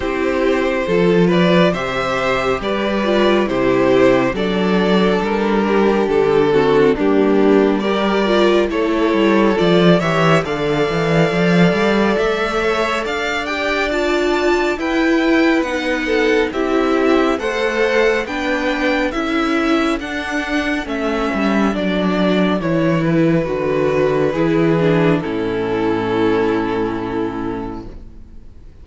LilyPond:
<<
  \new Staff \with { instrumentName = "violin" } { \time 4/4 \tempo 4 = 69 c''4. d''8 e''4 d''4 | c''4 d''4 ais'4 a'4 | g'4 d''4 cis''4 d''8 e''8 | f''2 e''4 f''8 g''8 |
a''4 g''4 fis''4 e''4 | fis''4 g''4 e''4 fis''4 | e''4 d''4 cis''8 b'4.~ | b'4 a'2. | }
  \new Staff \with { instrumentName = "violin" } { \time 4/4 g'4 a'8 b'8 c''4 b'4 | g'4 a'4. g'4 fis'8 | d'4 ais'4 a'4. cis''8 | d''2~ d''8 cis''8 d''4~ |
d''4 b'4. a'8 g'4 | c''4 b'4 a'2~ | a'1 | gis'4 e'2. | }
  \new Staff \with { instrumentName = "viola" } { \time 4/4 e'4 f'4 g'4. f'8 | e'4 d'2~ d'8 c'8 | ais4 g'8 f'8 e'4 f'8 g'8 | a'2.~ a'8 g'8 |
f'4 e'4 dis'4 e'4 | a'4 d'4 e'4 d'4 | cis'4 d'4 e'4 fis'4 | e'8 d'8 cis'2. | }
  \new Staff \with { instrumentName = "cello" } { \time 4/4 c'4 f4 c4 g4 | c4 fis4 g4 d4 | g2 a8 g8 f8 e8 | d8 e8 f8 g8 a4 d'4~ |
d'4 e'4 b4 c'4 | a4 b4 cis'4 d'4 | a8 g8 fis4 e4 d4 | e4 a,2. | }
>>